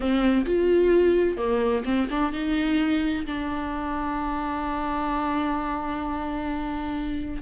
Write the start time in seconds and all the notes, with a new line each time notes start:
0.00 C4
0.45 F4
1.37 A#3
1.84 C4
2.10 D4
2.32 D#4
3.26 D4